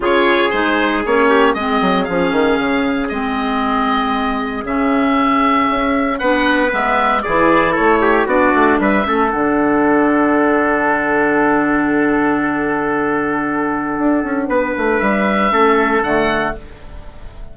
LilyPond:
<<
  \new Staff \with { instrumentName = "oboe" } { \time 4/4 \tempo 4 = 116 cis''4 c''4 cis''4 dis''4 | f''2 dis''2~ | dis''4 e''2. | fis''4 e''4 d''4 cis''4 |
d''4 e''4 fis''2~ | fis''1~ | fis''1~ | fis''4 e''2 fis''4 | }
  \new Staff \with { instrumentName = "trumpet" } { \time 4/4 gis'2~ gis'8 g'8 gis'4~ | gis'1~ | gis'1 | b'2 gis'4 a'8 g'8 |
fis'4 b'8 a'2~ a'8~ | a'1~ | a'1 | b'2 a'2 | }
  \new Staff \with { instrumentName = "clarinet" } { \time 4/4 f'4 dis'4 cis'4 c'4 | cis'2 c'2~ | c'4 cis'2. | d'4 b4 e'2 |
d'4. cis'8 d'2~ | d'1~ | d'1~ | d'2 cis'4 a4 | }
  \new Staff \with { instrumentName = "bassoon" } { \time 4/4 cis4 gis4 ais4 gis8 fis8 | f8 dis8 cis4 gis2~ | gis4 cis2 cis'4 | b4 gis4 e4 a4 |
b8 a8 g8 a8 d2~ | d1~ | d2. d'8 cis'8 | b8 a8 g4 a4 d4 | }
>>